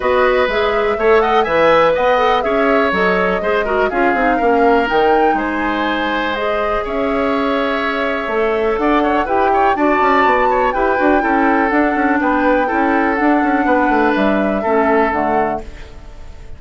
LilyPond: <<
  \new Staff \with { instrumentName = "flute" } { \time 4/4 \tempo 4 = 123 dis''4 e''4. fis''8 gis''4 | fis''4 e''4 dis''2 | f''2 g''4 gis''4~ | gis''4 dis''4 e''2~ |
e''2 fis''4 g''4 | a''2 g''2 | fis''4 g''2 fis''4~ | fis''4 e''2 fis''4 | }
  \new Staff \with { instrumentName = "oboe" } { \time 4/4 b'2 cis''8 dis''8 e''4 | dis''4 cis''2 c''8 ais'8 | gis'4 ais'2 c''4~ | c''2 cis''2~ |
cis''2 d''8 cis''8 b'8 cis''8 | d''4. cis''8 b'4 a'4~ | a'4 b'4 a'2 | b'2 a'2 | }
  \new Staff \with { instrumentName = "clarinet" } { \time 4/4 fis'4 gis'4 a'4 b'4~ | b'8 a'8 gis'4 a'4 gis'8 fis'8 | f'8 dis'8 cis'4 dis'2~ | dis'4 gis'2.~ |
gis'4 a'2 g'4 | fis'2 g'8 fis'8 e'4 | d'2 e'4 d'4~ | d'2 cis'4 a4 | }
  \new Staff \with { instrumentName = "bassoon" } { \time 4/4 b4 gis4 a4 e4 | b4 cis'4 fis4 gis4 | cis'8 c'8 ais4 dis4 gis4~ | gis2 cis'2~ |
cis'4 a4 d'4 e'4 | d'8 cis'8 b4 e'8 d'8 cis'4 | d'8 cis'8 b4 cis'4 d'8 cis'8 | b8 a8 g4 a4 d4 | }
>>